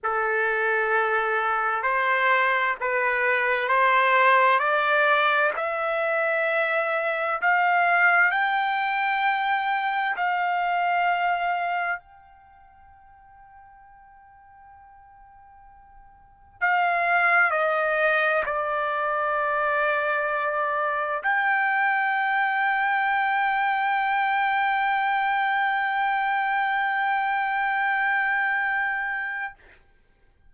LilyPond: \new Staff \with { instrumentName = "trumpet" } { \time 4/4 \tempo 4 = 65 a'2 c''4 b'4 | c''4 d''4 e''2 | f''4 g''2 f''4~ | f''4 g''2.~ |
g''2 f''4 dis''4 | d''2. g''4~ | g''1~ | g''1 | }